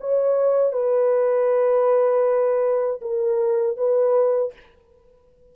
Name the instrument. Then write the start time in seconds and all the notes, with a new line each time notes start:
horn
0.00 C#5
0.72 B4
3.01 A#4
3.77 B4